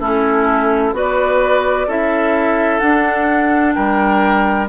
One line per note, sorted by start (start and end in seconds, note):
0.00 0.93 A3
0.00 0.94 C#4
0.00 0.94 E4
0.00 0.95 A4
0.93 1.87 B3
0.93 1.87 F#4
0.93 1.88 B4
0.93 1.91 D5
1.88 2.81 C#4
1.88 2.81 E4
1.88 3.75 A4
1.88 2.79 E5
2.79 4.69 D4
2.79 3.76 D4
2.79 3.73 F#5
3.74 4.69 G3
3.74 4.69 A#4
3.74 4.68 G5